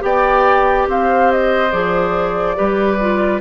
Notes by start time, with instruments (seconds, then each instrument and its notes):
0.00 bassoon B3, clarinet G4, oboe D5, flute G5
0.87 bassoon C4, oboe C5, flute F5
1.32 flute D#5
1.71 bassoon F3, clarinet G#4, flute D5
2.55 bassoon G3, clarinet G4, oboe B4
3.01 clarinet F4